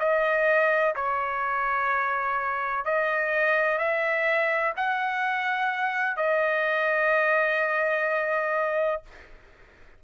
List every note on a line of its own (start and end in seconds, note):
0.00 0.95 D#5
0.96 2.86 C#5
2.86 3.78 D#5
3.78 4.74 E5
4.77 6.17 F#5
6.17 9.03 D#5